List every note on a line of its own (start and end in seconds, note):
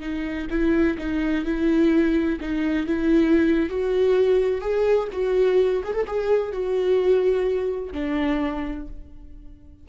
0.00 0.47 D#4
0.50 0.97 E4
0.98 1.45 D#4
1.45 2.39 E4
2.41 2.86 D#4
2.86 3.69 E4
3.69 4.61 F#4
4.61 5.08 G#4
5.12 5.83 F#4
5.83 5.94 G#4
5.94 6.06 A4
6.07 6.52 G#4
6.52 7.93 F#4
7.93 8.87 D4